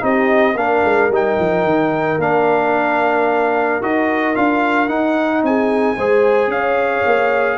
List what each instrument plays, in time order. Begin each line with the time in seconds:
0.00 tuba C4, trombone D#4, horn G4, trumpet D#5
0.55 tuba A#3, trombone D4, horn A#4, trumpet F5
0.84 tuba G#3
1.10 tuba G3, trombone D#4, trumpet G5
1.39 tuba F3
1.64 tuba D#3
2.17 tuba A#3, trombone D4, trumpet F5
3.82 tuba D#4, trombone F#4, trumpet D#5
4.35 tuba D4, trombone F4, trumpet F5
4.88 trombone D#4, tuba D#4, trumpet F#5
5.43 tuba C4, horn G#4, trumpet G#5
5.97 tuba G#3, trombone G#4, horn C5
6.47 tuba C#4, horn C#5, trumpet F5
7.06 tuba A#3